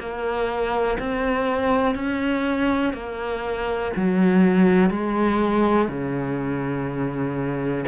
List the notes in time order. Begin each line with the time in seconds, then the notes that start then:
0.00 A#3
0.99 C4
1.95 C#4
2.94 A#3
3.97 F#3
4.91 G#3
5.88 C#3